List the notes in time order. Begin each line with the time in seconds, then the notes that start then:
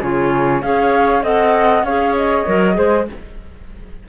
0.00 C#3 F4 G#4 C#5
0.61 C#4 G#4 C#5 F5
1.22 C4 A4 D#5 F#5
1.83 C#4 G#4 C#5 F5
2.16 D#5
2.46 F#3 A#4
2.74 G#3 G#4 C5